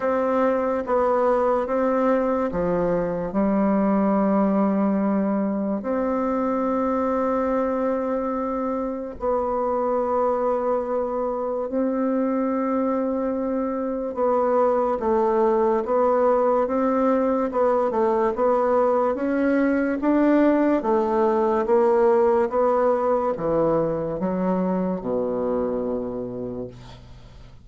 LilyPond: \new Staff \with { instrumentName = "bassoon" } { \time 4/4 \tempo 4 = 72 c'4 b4 c'4 f4 | g2. c'4~ | c'2. b4~ | b2 c'2~ |
c'4 b4 a4 b4 | c'4 b8 a8 b4 cis'4 | d'4 a4 ais4 b4 | e4 fis4 b,2 | }